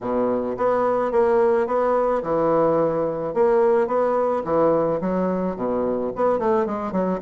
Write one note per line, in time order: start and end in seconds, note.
0.01 0.56 B2
0.57 1.11 B3
1.11 1.67 A#3
1.67 2.22 B3
2.22 3.34 E3
3.34 3.87 A#3
3.87 4.42 B3
4.44 5.00 E3
5.01 5.56 F#3
5.56 6.11 B2
6.15 6.39 B3
6.39 6.66 A3
6.66 6.91 G#3
6.91 7.19 F#3